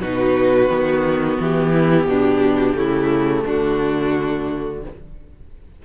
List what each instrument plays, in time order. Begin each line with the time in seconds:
0.00 cello B2, viola D#4, violin F#4 B4
0.68 cello D#3, viola B3
1.39 cello E3, violin G4
1.71 violin E4
2.05 cello B2, violin D4
2.74 cello C#3, viola A3, violin E4
3.44 cello D3, violin D4 F#4